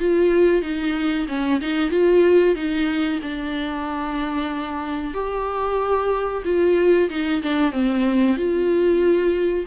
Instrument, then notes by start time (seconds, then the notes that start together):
viola
0.00 F4
0.62 D#4
1.28 C#4
1.61 D#4
1.91 F4
2.55 D#4
3.23 D4
5.14 G4
6.45 F4
7.10 D#4
7.43 D4
7.72 C4
8.37 F4